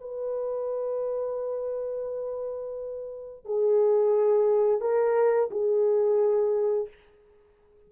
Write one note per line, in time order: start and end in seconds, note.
0.00 3.45 B4
3.45 4.81 G#4
4.81 5.50 A#4
5.50 6.88 G#4